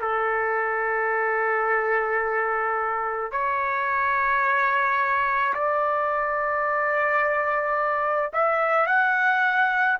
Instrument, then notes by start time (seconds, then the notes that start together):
trumpet
0.00 A4
3.31 C#5
5.54 D5
8.33 E5
8.86 F#5